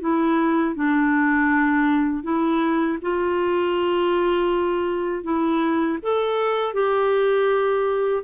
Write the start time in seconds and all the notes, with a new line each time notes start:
0.00 E4
0.75 D4
2.23 E4
3.01 F4
5.23 E4
6.02 A4
6.73 G4